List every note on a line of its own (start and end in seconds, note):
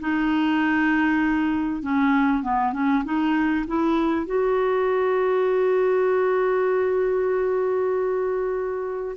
0.00 1.82 D#4
1.82 2.43 C#4
2.43 2.73 B3
2.73 3.03 C#4
3.04 3.65 D#4
3.67 4.26 E4
4.26 9.16 F#4